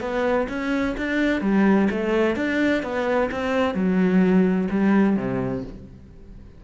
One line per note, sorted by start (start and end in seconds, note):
0.00 0.47 B3
0.48 0.95 C#4
0.97 1.41 D4
1.41 1.88 G3
1.90 2.35 A3
2.35 2.82 D4
2.82 3.29 B3
3.31 3.74 C4
3.74 4.68 F#3
4.70 5.16 G3
5.16 5.63 C3